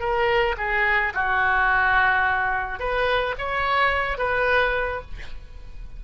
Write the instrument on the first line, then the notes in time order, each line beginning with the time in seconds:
oboe
0.00 A#4
0.58 G#4
1.14 F#4
2.80 B4
3.38 C#5
4.18 B4